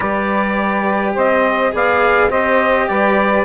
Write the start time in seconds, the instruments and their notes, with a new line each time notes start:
0.00 bassoon G3, cello G4, saxophone B4, trumpet D5
1.14 bassoon C4, saxophone C5, trumpet D#5
1.72 bassoon B3, cello G#4, saxophone D5, trumpet F5
2.29 bassoon C4, cello G4, saxophone C5, trumpet D#5
2.88 bassoon G3, saxophone B4, trumpet D5